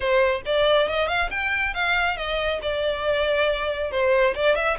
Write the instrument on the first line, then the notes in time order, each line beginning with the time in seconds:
violin
0.00 C5
0.45 D5
0.88 D#5
1.08 F5
1.30 G5
1.74 F5
2.16 D#5
2.61 D5
3.91 C5
4.35 D5
4.55 E5